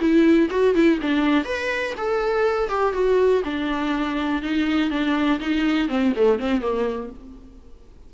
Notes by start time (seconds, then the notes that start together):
0.00 E4
0.51 F#4
0.75 E4
1.02 D4
1.45 B4
1.97 A4
2.69 G4
2.93 F#4
3.44 D4
4.43 D#4
4.90 D4
5.40 D#4
5.89 C4
6.16 A3
6.39 C4
6.61 A#3